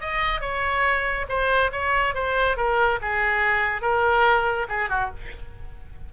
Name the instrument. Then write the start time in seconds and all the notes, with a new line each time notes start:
oboe
0.00 D#5
0.40 C#5
1.28 C5
1.72 C#5
2.14 C5
2.56 A#4
3.01 G#4
3.81 A#4
4.68 G#4
4.89 F#4